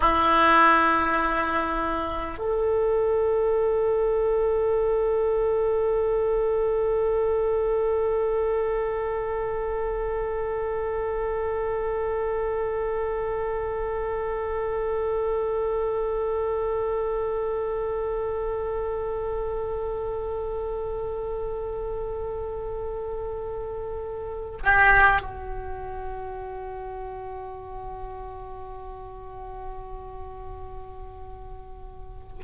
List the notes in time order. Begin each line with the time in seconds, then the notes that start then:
0.00 E4
2.38 A4
24.63 G4
25.21 F#4